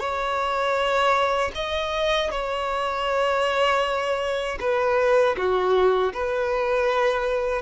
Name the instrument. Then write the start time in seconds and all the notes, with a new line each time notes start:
violin
0.00 C#5
1.55 D#5
2.31 C#5
4.61 B4
5.38 F#4
6.14 B4